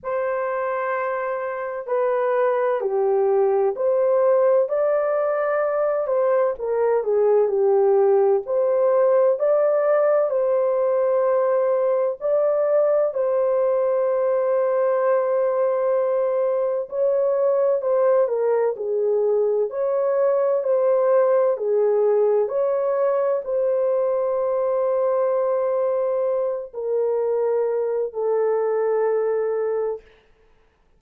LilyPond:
\new Staff \with { instrumentName = "horn" } { \time 4/4 \tempo 4 = 64 c''2 b'4 g'4 | c''4 d''4. c''8 ais'8 gis'8 | g'4 c''4 d''4 c''4~ | c''4 d''4 c''2~ |
c''2 cis''4 c''8 ais'8 | gis'4 cis''4 c''4 gis'4 | cis''4 c''2.~ | c''8 ais'4. a'2 | }